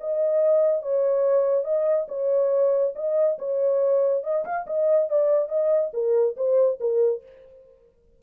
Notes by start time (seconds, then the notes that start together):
0.00 D#5
0.82 C#5
1.64 D#5
2.08 C#5
2.95 D#5
3.38 C#5
4.23 D#5
4.44 F5
4.66 D#5
5.09 D5
5.48 D#5
5.93 A#4
6.36 C5
6.80 A#4